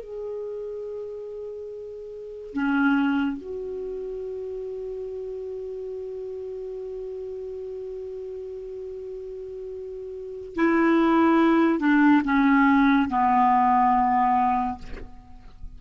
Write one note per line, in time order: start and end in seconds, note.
0.00 2.53 G#4
2.53 3.37 C#4
3.37 10.55 F#4
10.55 11.80 E4
11.80 12.22 D4
12.24 13.09 C#4
13.09 14.78 B3